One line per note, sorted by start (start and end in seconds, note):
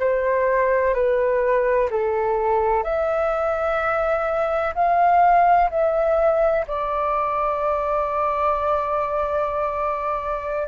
0.00 0.94 C5
0.94 1.89 B4
1.90 2.84 A4
2.84 4.74 E5
4.75 5.70 F5
5.71 6.66 E5
6.68 10.68 D5